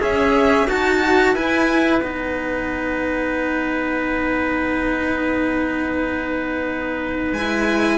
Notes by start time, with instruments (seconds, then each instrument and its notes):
0.00 cello C#4, trumpet G#4, violin E5
0.67 cello D#4 F#4, trumpet F#4, violin A5
1.34 cello E4, trumpet B4, violin G#5
2.01 cello B3 D#4, violin F#5
7.32 cello G#3 E4, violin G#5